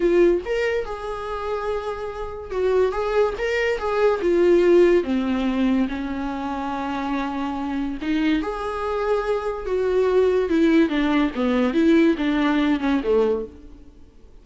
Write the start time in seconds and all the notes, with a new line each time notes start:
0.00 F4
0.45 A#4
0.85 G#4
2.51 F#4
2.92 G#4
3.37 A#4
3.78 G#4
4.21 F4
5.03 C4
5.88 C#4
8.01 D#4
8.41 G#4
9.66 F#4
10.49 E4
10.89 D4
11.35 B3
11.73 E4
12.17 D4
12.80 C#4
13.03 A3